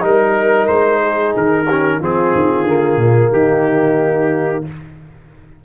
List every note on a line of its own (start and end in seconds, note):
0.00 0.68 G3
0.00 1.65 D#4
0.00 1.01 A#4
0.00 0.67 A#4
0.67 1.34 G#3
0.67 1.33 C5
1.01 1.65 G#4
1.36 1.99 D#3
1.36 2.02 A#4
1.65 2.01 C#4
1.65 1.98 G4
1.99 2.32 F3
1.99 2.66 C4
1.99 3.32 F4
1.99 3.32 G#4
2.34 2.63 D#3
2.63 2.96 D3
2.63 4.64 A#3
2.96 3.29 A#2
3.31 4.63 D#3
3.31 4.64 D#4
3.31 4.64 G4